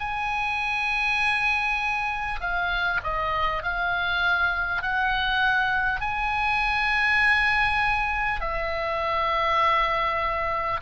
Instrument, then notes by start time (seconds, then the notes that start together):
oboe
0.00 G#5
2.41 F5
3.04 D#5
3.63 F5
4.83 F#5
6.01 G#5
8.41 E5